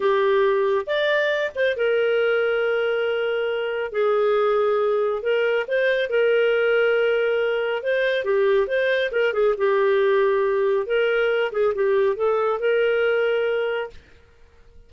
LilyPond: \new Staff \with { instrumentName = "clarinet" } { \time 4/4 \tempo 4 = 138 g'2 d''4. c''8 | ais'1~ | ais'4 gis'2. | ais'4 c''4 ais'2~ |
ais'2 c''4 g'4 | c''4 ais'8 gis'8 g'2~ | g'4 ais'4. gis'8 g'4 | a'4 ais'2. | }